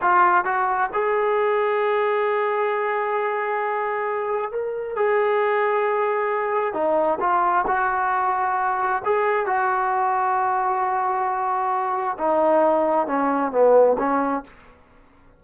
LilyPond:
\new Staff \with { instrumentName = "trombone" } { \time 4/4 \tempo 4 = 133 f'4 fis'4 gis'2~ | gis'1~ | gis'2 ais'4 gis'4~ | gis'2. dis'4 |
f'4 fis'2. | gis'4 fis'2.~ | fis'2. dis'4~ | dis'4 cis'4 b4 cis'4 | }